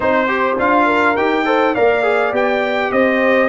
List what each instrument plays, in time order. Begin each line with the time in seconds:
0.00 tuba C4, trombone D#4, trumpet C5, horn C5
0.27 trombone G4
0.57 tuba D4, trombone F4, trumpet F5
0.85 horn A#4
1.16 tuba D#4, trombone G4, trumpet G5
1.45 trombone A4, horn C5
1.74 tuba A#3, trombone A#4, horn D5, trumpet F5
2.03 trombone G#4
2.32 tuba B3, trombone G4, trumpet G5
2.91 tuba C4, horn C5, trumpet D#5